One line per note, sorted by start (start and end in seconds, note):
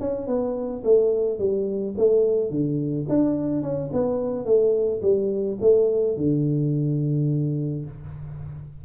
0.00 0.27 C#4
0.27 0.83 B3
0.84 1.39 A3
1.39 1.95 G3
1.98 2.50 A3
2.50 3.06 D3
3.09 3.62 D4
3.62 3.90 C#4
3.93 4.45 B3
4.45 5.01 A3
5.02 5.58 G3
5.61 6.17 A3
6.17 7.85 D3